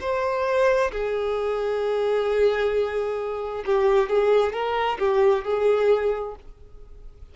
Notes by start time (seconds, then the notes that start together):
0.00 C5
0.91 G#4
3.65 G4
4.09 G#4
4.52 A#4
4.98 G4
5.44 G#4